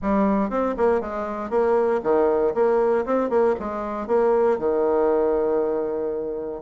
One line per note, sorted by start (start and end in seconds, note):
0.01 0.49 G3
0.49 0.75 C4
0.77 1.00 A#3
1.00 1.50 G#3
1.50 2.00 A#3
2.03 2.54 D#3
2.54 3.05 A#3
3.05 3.29 C4
3.29 3.55 A#3
3.59 4.07 G#3
4.07 4.58 A#3
4.58 6.61 D#3